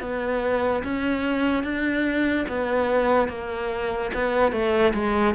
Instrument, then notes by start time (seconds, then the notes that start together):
cello
0.00 B3
0.83 C#4
1.63 D4
2.48 B3
3.28 A#3
4.14 B3
4.52 A3
4.93 G#3